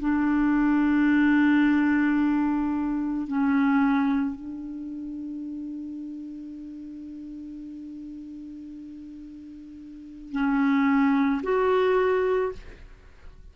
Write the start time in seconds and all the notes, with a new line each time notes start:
0.00 D4
3.28 C#4
4.36 D4
10.32 C#4
11.43 F#4